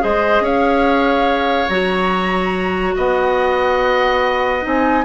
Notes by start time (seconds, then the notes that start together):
0.00 G#3 G#4 C5 D#5
0.41 C#4 C#5 F5
1.69 F#3 F#4 A#5
2.96 B3 D#5 F#5
4.62 C4 D#4 G#5